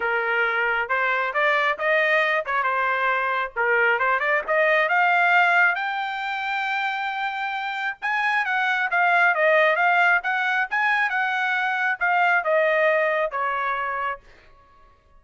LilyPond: \new Staff \with { instrumentName = "trumpet" } { \time 4/4 \tempo 4 = 135 ais'2 c''4 d''4 | dis''4. cis''8 c''2 | ais'4 c''8 d''8 dis''4 f''4~ | f''4 g''2.~ |
g''2 gis''4 fis''4 | f''4 dis''4 f''4 fis''4 | gis''4 fis''2 f''4 | dis''2 cis''2 | }